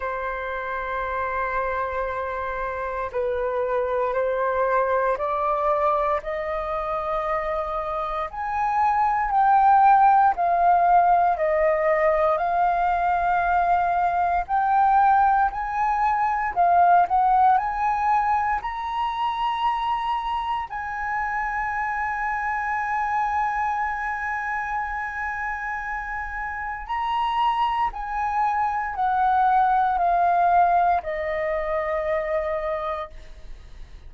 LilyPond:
\new Staff \with { instrumentName = "flute" } { \time 4/4 \tempo 4 = 58 c''2. b'4 | c''4 d''4 dis''2 | gis''4 g''4 f''4 dis''4 | f''2 g''4 gis''4 |
f''8 fis''8 gis''4 ais''2 | gis''1~ | gis''2 ais''4 gis''4 | fis''4 f''4 dis''2 | }